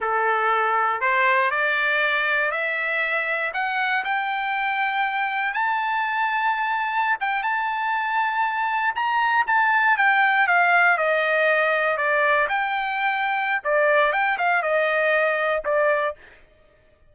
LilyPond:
\new Staff \with { instrumentName = "trumpet" } { \time 4/4 \tempo 4 = 119 a'2 c''4 d''4~ | d''4 e''2 fis''4 | g''2. a''4~ | a''2~ a''16 g''8 a''4~ a''16~ |
a''4.~ a''16 ais''4 a''4 g''16~ | g''8. f''4 dis''2 d''16~ | d''8. g''2~ g''16 d''4 | g''8 f''8 dis''2 d''4 | }